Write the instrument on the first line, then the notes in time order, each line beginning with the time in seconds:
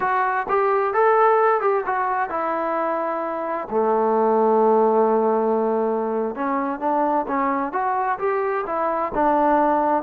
trombone
0.00 F#4
0.48 G4
0.93 A4
1.60 G4
1.86 F#4
2.29 E4
3.69 A3
6.35 C#4
6.79 D4
7.27 C#4
7.72 F#4
8.19 G4
8.66 E4
9.14 D4